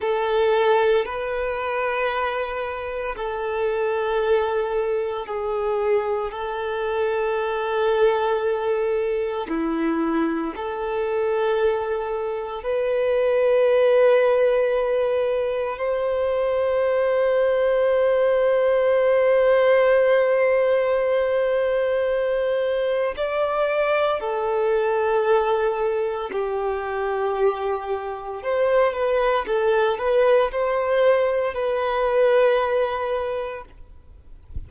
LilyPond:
\new Staff \with { instrumentName = "violin" } { \time 4/4 \tempo 4 = 57 a'4 b'2 a'4~ | a'4 gis'4 a'2~ | a'4 e'4 a'2 | b'2. c''4~ |
c''1~ | c''2 d''4 a'4~ | a'4 g'2 c''8 b'8 | a'8 b'8 c''4 b'2 | }